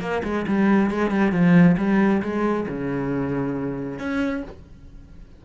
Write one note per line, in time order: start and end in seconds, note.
0.00 0.22 A#3
0.23 0.46 G#3
0.47 0.90 G3
0.90 1.10 G#3
1.10 1.32 G3
1.32 1.76 F3
1.77 2.21 G3
2.22 2.66 G#3
2.68 3.99 C#3
3.99 4.43 C#4